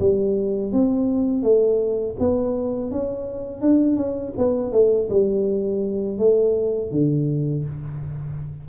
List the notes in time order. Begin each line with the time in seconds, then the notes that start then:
0.00 G3
0.73 C4
1.43 A3
2.20 B3
2.91 C#4
3.62 D4
3.97 C#4
4.38 B3
4.73 A3
5.10 G3
6.19 A3
6.92 D3